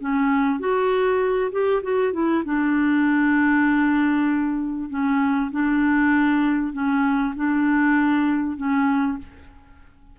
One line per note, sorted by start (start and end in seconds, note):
0.00 0.60 C#4
0.60 1.51 F#4
1.52 1.82 G4
1.83 2.13 F#4
2.13 2.44 E4
2.45 4.90 D4
4.90 5.51 C#4
5.51 6.73 D4
6.73 7.34 C#4
7.36 8.57 D4
8.57 9.18 C#4